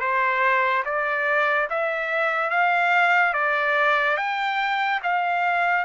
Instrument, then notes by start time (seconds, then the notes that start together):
trumpet
0.00 C5
0.85 D5
1.69 E5
2.50 F5
3.33 D5
4.17 G5
5.03 F5